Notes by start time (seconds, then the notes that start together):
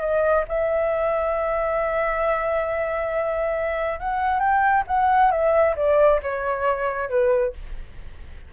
0.00 D#5
0.48 E5
3.99 F#5
4.39 G5
4.87 F#5
5.31 E5
5.76 D5
6.22 C#5
7.09 B4